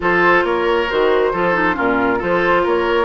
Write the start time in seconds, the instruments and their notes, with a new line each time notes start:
0.00 bassoon F3, clarinet F4, oboe A4, flute C5
0.43 bassoon A#3, oboe A#4, flute C#5
0.89 bassoon D#3, clarinet F#4, flute C5
1.32 bassoon F3, clarinet F4, oboe A4
1.54 clarinet D#4
1.74 bassoon A#2, clarinet C#4, oboe F4, flute A#4
2.18 bassoon F3, clarinet F4, oboe A4, flute C5
2.63 bassoon A#3, oboe A#4, flute C#5